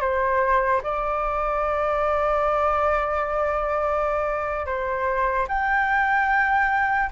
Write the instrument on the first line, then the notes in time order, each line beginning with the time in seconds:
flute
0.00 C5
0.83 D5
4.66 C5
5.48 G5